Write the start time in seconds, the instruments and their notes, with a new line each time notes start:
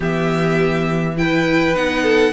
0.00 cello E3, viola B3, violin G4 E5
1.17 viola E4, violin B4 G5
1.75 cello B3, viola D#4, violin F#5
2.02 violin A4